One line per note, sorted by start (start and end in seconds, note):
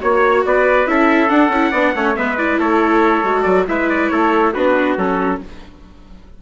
0.00 0.45 A#3
0.00 0.86 F#4
0.00 0.44 C#5
0.00 0.45 C#5
0.45 0.86 B3
0.45 0.90 B4
0.45 0.86 D5
0.86 1.29 C#4
0.86 1.28 E4
0.86 1.71 A4
0.86 1.29 E5
1.28 1.50 D4
1.28 1.48 D4
1.28 2.15 F#5
1.48 1.70 C#4
1.48 1.74 E4
1.71 1.93 B3
1.71 1.96 D4
1.71 1.92 D5
1.95 2.16 A3
1.95 2.15 C#4
1.95 2.17 C#5
2.15 2.59 G#3
2.15 2.37 B3
2.15 2.59 B4
2.15 2.37 E5
2.37 3.24 E4
2.37 2.59 D5
2.59 3.23 A3
2.59 3.67 A4
2.59 3.42 C#5
3.23 3.45 G#3
3.23 3.67 F#4
3.42 3.67 F#3
3.42 3.63 D5
3.67 4.10 G#3
3.67 4.53 E4
3.67 4.11 B4
3.67 3.89 E5
3.89 4.08 D5
4.08 4.54 A3
4.08 4.53 A4
4.08 4.51 C#5
4.53 4.96 B3
4.53 4.98 D4
4.53 5.39 F#4
4.53 4.96 B4
4.96 5.40 F#3
4.96 5.41 C#4
4.96 5.41 A4